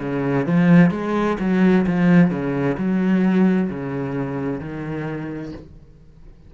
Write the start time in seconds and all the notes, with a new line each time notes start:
0.00 C#3
0.47 F3
0.91 G#3
1.40 F#3
1.87 F3
2.31 C#3
2.77 F#3
3.70 C#3
4.61 D#3